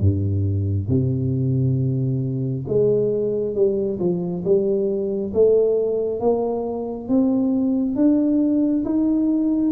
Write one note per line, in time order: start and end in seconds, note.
0.00 0.88 G2
0.89 2.65 C3
2.68 3.55 G#3
3.55 3.99 G3
3.99 4.44 F3
4.44 5.33 G3
5.34 6.20 A3
6.20 7.08 A#3
7.09 7.96 C4
7.96 8.84 D4
8.85 9.72 D#4